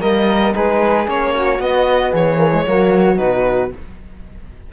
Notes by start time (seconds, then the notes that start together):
0.00 G3 A#3 A#4 D#5
0.54 G#3 D#4 G#4 B4
1.06 A#3 C#4 C#5
1.34 F#4
1.59 B3 D#5
2.12 E3 G#4 C#5
2.36 A#3
2.52 G#3
2.65 F#3 A#3 F#4
3.17 B2 D#4 B4